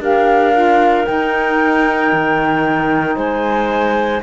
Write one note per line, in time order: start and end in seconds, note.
0.00 1.05 D4
0.00 0.53 G4
0.00 3.16 A#4
0.00 1.06 F5
0.54 1.05 F4
1.05 4.21 D#4
1.05 2.13 D#4
1.05 3.16 G5
2.13 3.17 D#3
3.16 4.22 G#3
3.16 4.21 C5
3.16 4.22 G#5